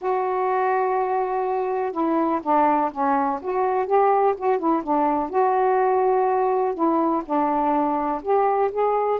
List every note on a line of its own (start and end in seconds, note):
0.01 1.92 F#4
1.92 2.40 E4
2.42 2.91 D4
2.91 3.40 C#4
3.41 3.86 F#4
3.86 4.34 G4
4.37 4.58 F#4
4.58 4.83 E4
4.83 5.29 D4
5.29 6.74 F#4
6.74 7.23 E4
7.25 8.21 D4
8.22 8.71 G4
8.71 9.19 G#4